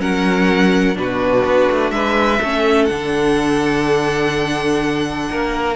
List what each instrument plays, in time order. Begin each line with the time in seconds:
0.00 cello F#3, viola C#4, violin A#4 F#5
0.95 cello B2, viola D4, violin F#4 B4
1.45 cello B3
1.72 cello A3
1.91 cello G#3, violin B4 E5
2.40 cello A3, viola C#4, violin A4
2.86 cello D3, viola D4, violin F#5
5.31 cello A#3, violin A#4